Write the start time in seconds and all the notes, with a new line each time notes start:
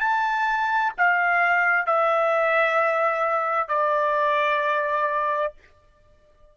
0.00 A5
0.97 F5
1.86 E5
3.68 D5